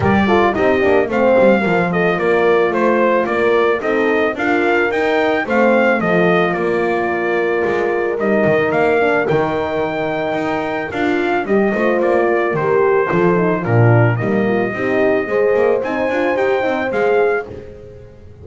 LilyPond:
<<
  \new Staff \with { instrumentName = "trumpet" } { \time 4/4 \tempo 4 = 110 d''4 dis''4 f''4. dis''8 | d''4 c''4 d''4 dis''4 | f''4 g''4 f''4 dis''4 | d''2. dis''4 |
f''4 g''2. | f''4 dis''4 d''4 c''4~ | c''4 ais'4 dis''2~ | dis''4 gis''4 g''4 f''4 | }
  \new Staff \with { instrumentName = "horn" } { \time 4/4 ais'8 a'8 g'4 c''4 ais'8 a'8 | ais'4 c''4 ais'4 a'4 | ais'2 c''4 a'4 | ais'1~ |
ais'1~ | ais'4. c''4 ais'4. | a'4 f'4 dis'8 f'8 g'4 | c''1 | }
  \new Staff \with { instrumentName = "horn" } { \time 4/4 g'8 f'8 dis'8 d'8 c'4 f'4~ | f'2. dis'4 | f'4 dis'4 c'4 f'4~ | f'2. dis'4~ |
dis'8 d'8 dis'2. | f'4 g'8 f'4. g'4 | f'8 dis'8 d'4 ais4 dis'4 | gis'4 dis'8 f'8 g'8 dis'8 gis'4 | }
  \new Staff \with { instrumentName = "double bass" } { \time 4/4 g4 c'8 ais8 a8 g8 f4 | ais4 a4 ais4 c'4 | d'4 dis'4 a4 f4 | ais2 gis4 g8 dis8 |
ais4 dis2 dis'4 | d'4 g8 a8 ais4 dis4 | f4 ais,4 g4 c'4 | gis8 ais8 c'8 d'8 dis'8 c'8 gis4 | }
>>